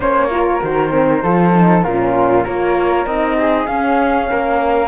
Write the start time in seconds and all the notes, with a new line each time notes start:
0.00 A#3 C#4 C5 C#5
0.30 F4 A#4
0.61 D#3 F#4 C5
0.91 C4
1.22 F3 F4 A4
1.54 D#4
1.82 A#2 C#4 F4 A#4
2.44 A#3 F4 A#4 C#5
3.06 C4 D#4 D#5
3.37 G#4
3.66 C#4 F5
4.29 A#3 A#4